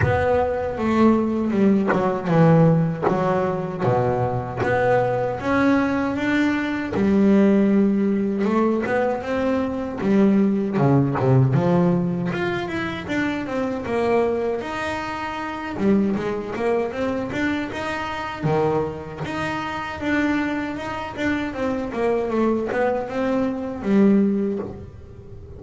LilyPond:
\new Staff \with { instrumentName = "double bass" } { \time 4/4 \tempo 4 = 78 b4 a4 g8 fis8 e4 | fis4 b,4 b4 cis'4 | d'4 g2 a8 b8 | c'4 g4 cis8 c8 f4 |
f'8 e'8 d'8 c'8 ais4 dis'4~ | dis'8 g8 gis8 ais8 c'8 d'8 dis'4 | dis4 dis'4 d'4 dis'8 d'8 | c'8 ais8 a8 b8 c'4 g4 | }